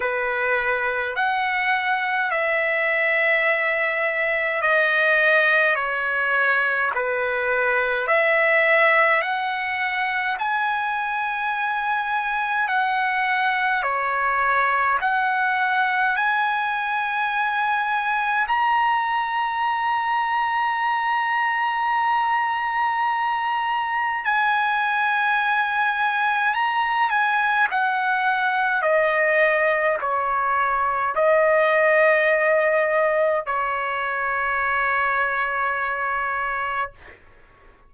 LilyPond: \new Staff \with { instrumentName = "trumpet" } { \time 4/4 \tempo 4 = 52 b'4 fis''4 e''2 | dis''4 cis''4 b'4 e''4 | fis''4 gis''2 fis''4 | cis''4 fis''4 gis''2 |
ais''1~ | ais''4 gis''2 ais''8 gis''8 | fis''4 dis''4 cis''4 dis''4~ | dis''4 cis''2. | }